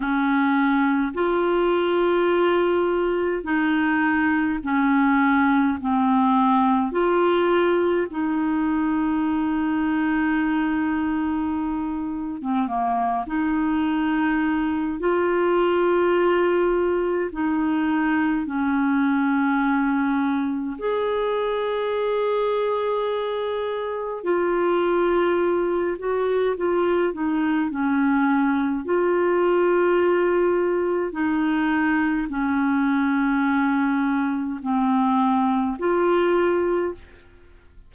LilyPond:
\new Staff \with { instrumentName = "clarinet" } { \time 4/4 \tempo 4 = 52 cis'4 f'2 dis'4 | cis'4 c'4 f'4 dis'4~ | dis'2~ dis'8. c'16 ais8 dis'8~ | dis'4 f'2 dis'4 |
cis'2 gis'2~ | gis'4 f'4. fis'8 f'8 dis'8 | cis'4 f'2 dis'4 | cis'2 c'4 f'4 | }